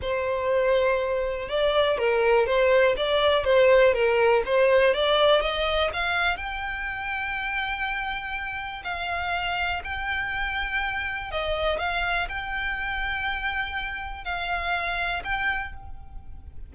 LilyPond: \new Staff \with { instrumentName = "violin" } { \time 4/4 \tempo 4 = 122 c''2. d''4 | ais'4 c''4 d''4 c''4 | ais'4 c''4 d''4 dis''4 | f''4 g''2.~ |
g''2 f''2 | g''2. dis''4 | f''4 g''2.~ | g''4 f''2 g''4 | }